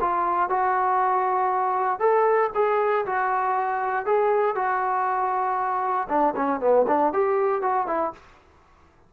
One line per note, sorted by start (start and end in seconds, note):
0.00 0.49 F4
0.49 1.99 F#4
1.99 2.50 A4
2.54 3.05 G#4
3.05 4.05 F#4
4.05 4.55 G#4
4.55 6.07 F#4
6.09 6.34 D4
6.35 6.60 C#4
6.60 6.85 B3
6.87 7.13 D4
7.13 7.62 G4
7.62 7.87 F#4
7.87 8.12 E4